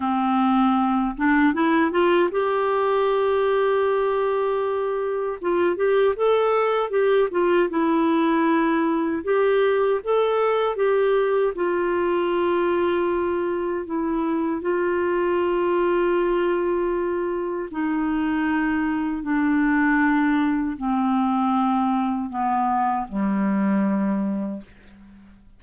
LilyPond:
\new Staff \with { instrumentName = "clarinet" } { \time 4/4 \tempo 4 = 78 c'4. d'8 e'8 f'8 g'4~ | g'2. f'8 g'8 | a'4 g'8 f'8 e'2 | g'4 a'4 g'4 f'4~ |
f'2 e'4 f'4~ | f'2. dis'4~ | dis'4 d'2 c'4~ | c'4 b4 g2 | }